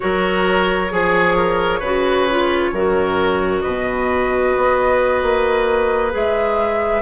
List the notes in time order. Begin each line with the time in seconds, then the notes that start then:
0.00 F#3 F#4 A#4 C#5
0.90 F3 G#4
1.36 A#4
1.79 C#3 F#4 B4
2.29 F4
2.72 F#2 F#4 A#4
3.60 B2 B4 D#5
4.56 B3
5.22 A#3
6.11 G#3 G#4 E5